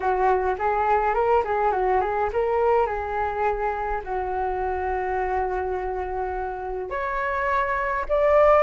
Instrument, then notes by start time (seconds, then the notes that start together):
flute
0.00 F#4
0.58 G#4
1.14 A#4
1.44 G#4
1.72 F#4
2.01 G#4
2.32 A#4
2.86 G#4
4.04 F#4
6.89 C#5
8.08 D5